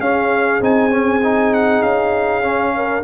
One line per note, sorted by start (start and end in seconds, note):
0.00 0.61 C#4
0.00 2.76 G#4
0.00 0.62 F5
0.61 1.82 C4
0.61 0.91 D#4
0.61 1.54 G#5
0.91 1.21 C#4
1.24 2.43 D#4
1.54 1.83 F#5
1.83 3.04 C#4
1.83 3.04 F5
2.43 3.03 C#4
2.76 3.05 A#4